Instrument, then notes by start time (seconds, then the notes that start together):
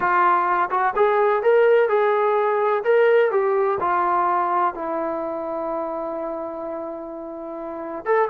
trombone
0.00 F4
0.70 F#4
0.96 G#4
1.42 A#4
1.88 G#4
2.83 A#4
3.31 G4
3.80 F4
4.74 E4
8.05 A4